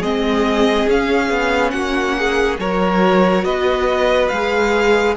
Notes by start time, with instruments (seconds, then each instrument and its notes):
0.00 cello G#3, viola C4, violin G#4 D#5
0.87 cello C#4, viola C#4, violin F5
1.30 cello B3
1.71 cello A#3, violin F#4 F#5
2.19 violin G#4
2.59 cello F#3, viola F#4, violin A#4 C#5
3.45 cello B3, violin B4 D#5
4.29 cello G#3, viola G#4, violin F5